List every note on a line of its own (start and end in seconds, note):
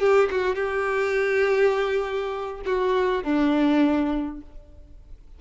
0.00 0.29 G4
0.31 0.56 F#4
0.56 2.61 G4
2.66 3.24 F#4
3.24 4.41 D4